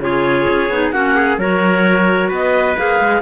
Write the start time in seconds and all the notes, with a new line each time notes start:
0.00 C#3 F4 G#4 C#5
0.48 C#4
0.70 B3 D#4
0.91 A#3 C#4 F#4 F#5
1.16 G#4
1.38 F#3 F#4 A#4 C#5
2.29 B3 B4 D#5
2.76 A#3 G#4 F5
3.00 G#3